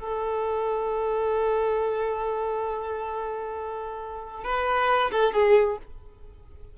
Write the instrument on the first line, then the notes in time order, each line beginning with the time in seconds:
violin
0.00 A4
4.44 B4
5.12 A4
5.33 G#4